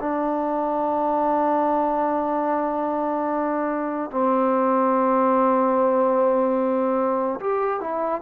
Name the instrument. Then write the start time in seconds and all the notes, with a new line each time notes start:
trombone
0.00 D4
4.11 C4
7.40 G4
7.80 E4